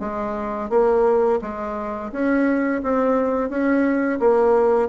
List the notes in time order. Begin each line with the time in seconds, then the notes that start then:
0.00 G#3
0.70 A#3
1.42 G#3
2.12 C#4
2.83 C4
3.50 C#4
4.20 A#3